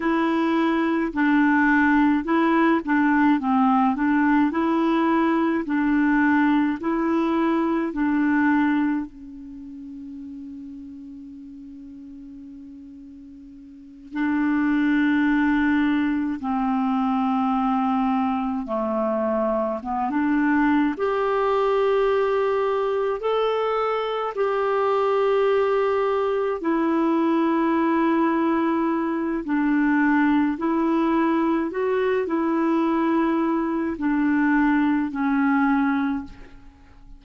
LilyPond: \new Staff \with { instrumentName = "clarinet" } { \time 4/4 \tempo 4 = 53 e'4 d'4 e'8 d'8 c'8 d'8 | e'4 d'4 e'4 d'4 | cis'1~ | cis'8 d'2 c'4.~ |
c'8 a4 b16 d'8. g'4.~ | g'8 a'4 g'2 e'8~ | e'2 d'4 e'4 | fis'8 e'4. d'4 cis'4 | }